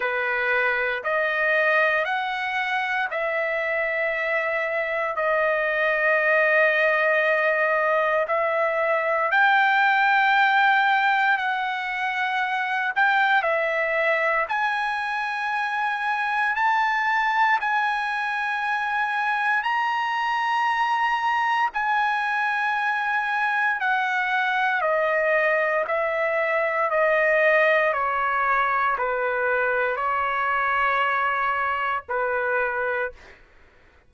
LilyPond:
\new Staff \with { instrumentName = "trumpet" } { \time 4/4 \tempo 4 = 58 b'4 dis''4 fis''4 e''4~ | e''4 dis''2. | e''4 g''2 fis''4~ | fis''8 g''8 e''4 gis''2 |
a''4 gis''2 ais''4~ | ais''4 gis''2 fis''4 | dis''4 e''4 dis''4 cis''4 | b'4 cis''2 b'4 | }